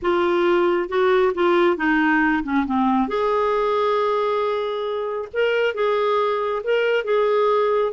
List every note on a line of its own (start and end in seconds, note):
0.02 0.88 F4
0.88 1.32 F#4
1.34 1.76 F4
1.76 2.43 D#4
2.43 2.65 C#4
2.66 3.07 C4
3.07 5.28 G#4
5.33 5.74 A#4
5.74 6.62 G#4
6.63 7.04 A#4
7.04 7.92 G#4